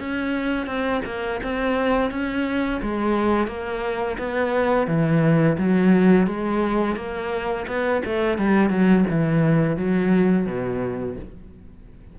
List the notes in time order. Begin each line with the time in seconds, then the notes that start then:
0.00 C#4
0.67 C4
1.06 A#3
1.43 C4
2.11 C#4
2.82 G#3
3.48 A#3
4.19 B3
4.87 E3
5.58 F#3
6.27 G#3
6.96 A#3
7.67 B3
8.05 A3
8.38 G3
8.71 F#3
9.10 E3
9.77 F#3
10.46 B2